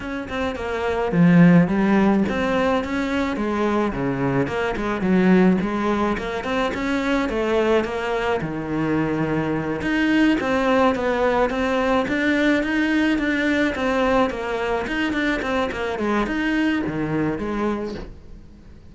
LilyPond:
\new Staff \with { instrumentName = "cello" } { \time 4/4 \tempo 4 = 107 cis'8 c'8 ais4 f4 g4 | c'4 cis'4 gis4 cis4 | ais8 gis8 fis4 gis4 ais8 c'8 | cis'4 a4 ais4 dis4~ |
dis4. dis'4 c'4 b8~ | b8 c'4 d'4 dis'4 d'8~ | d'8 c'4 ais4 dis'8 d'8 c'8 | ais8 gis8 dis'4 dis4 gis4 | }